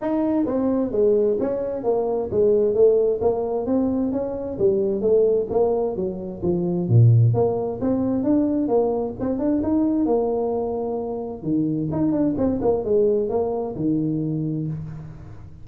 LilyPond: \new Staff \with { instrumentName = "tuba" } { \time 4/4 \tempo 4 = 131 dis'4 c'4 gis4 cis'4 | ais4 gis4 a4 ais4 | c'4 cis'4 g4 a4 | ais4 fis4 f4 ais,4 |
ais4 c'4 d'4 ais4 | c'8 d'8 dis'4 ais2~ | ais4 dis4 dis'8 d'8 c'8 ais8 | gis4 ais4 dis2 | }